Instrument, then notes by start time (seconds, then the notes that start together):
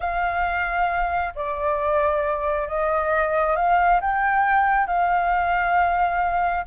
flute
0.00 F5
1.35 D5
2.68 D#5
3.56 F5
4.00 G5
4.87 F5